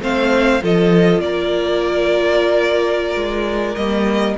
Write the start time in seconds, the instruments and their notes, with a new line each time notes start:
0.00 cello A3, viola C4, violin C5 F5
0.62 cello F3, viola F4, violin A4 D#5
1.20 cello A#3, violin A#4 D5
3.15 cello G#3
3.75 cello G3, viola A#3, violin D#5